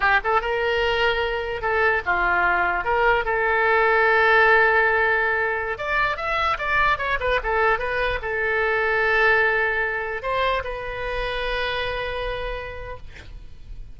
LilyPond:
\new Staff \with { instrumentName = "oboe" } { \time 4/4 \tempo 4 = 148 g'8 a'8 ais'2. | a'4 f'2 ais'4 | a'1~ | a'2~ a'16 d''4 e''8.~ |
e''16 d''4 cis''8 b'8 a'4 b'8.~ | b'16 a'2.~ a'8.~ | a'4~ a'16 c''4 b'4.~ b'16~ | b'1 | }